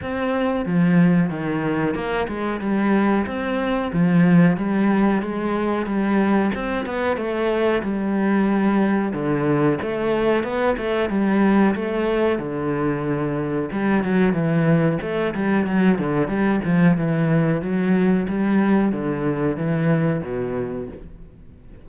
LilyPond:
\new Staff \with { instrumentName = "cello" } { \time 4/4 \tempo 4 = 92 c'4 f4 dis4 ais8 gis8 | g4 c'4 f4 g4 | gis4 g4 c'8 b8 a4 | g2 d4 a4 |
b8 a8 g4 a4 d4~ | d4 g8 fis8 e4 a8 g8 | fis8 d8 g8 f8 e4 fis4 | g4 d4 e4 b,4 | }